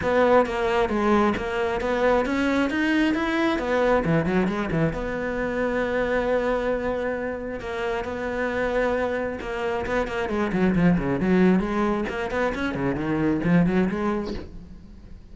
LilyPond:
\new Staff \with { instrumentName = "cello" } { \time 4/4 \tempo 4 = 134 b4 ais4 gis4 ais4 | b4 cis'4 dis'4 e'4 | b4 e8 fis8 gis8 e8 b4~ | b1~ |
b4 ais4 b2~ | b4 ais4 b8 ais8 gis8 fis8 | f8 cis8 fis4 gis4 ais8 b8 | cis'8 cis8 dis4 f8 fis8 gis4 | }